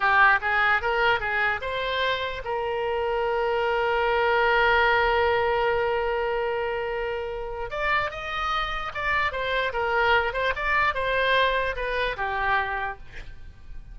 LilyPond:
\new Staff \with { instrumentName = "oboe" } { \time 4/4 \tempo 4 = 148 g'4 gis'4 ais'4 gis'4 | c''2 ais'2~ | ais'1~ | ais'1~ |
ais'2. d''4 | dis''2 d''4 c''4 | ais'4. c''8 d''4 c''4~ | c''4 b'4 g'2 | }